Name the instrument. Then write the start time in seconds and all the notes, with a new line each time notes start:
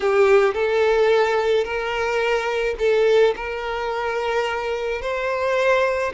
violin
0.00 G4
0.54 A4
1.64 A#4
2.79 A4
3.36 A#4
5.01 C5